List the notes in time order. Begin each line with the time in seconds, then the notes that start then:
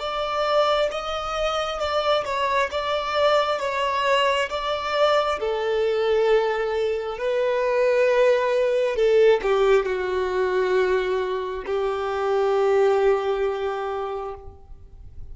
0.00 D5
0.92 D#5
1.80 D5
2.26 C#5
2.72 D5
3.60 C#5
4.50 D5
5.40 A4
7.18 B4
8.96 A4
9.43 G4
9.86 F#4
11.67 G4